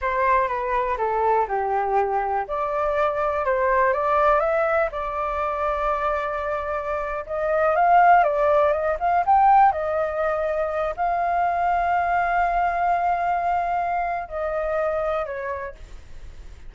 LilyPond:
\new Staff \with { instrumentName = "flute" } { \time 4/4 \tempo 4 = 122 c''4 b'4 a'4 g'4~ | g'4 d''2 c''4 | d''4 e''4 d''2~ | d''2~ d''8. dis''4 f''16~ |
f''8. d''4 dis''8 f''8 g''4 dis''16~ | dis''2~ dis''16 f''4.~ f''16~ | f''1~ | f''4 dis''2 cis''4 | }